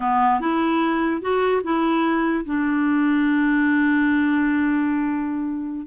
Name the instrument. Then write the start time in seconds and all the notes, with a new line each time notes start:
clarinet
0.00 B3
0.40 E4
1.21 F#4
1.63 E4
2.45 D4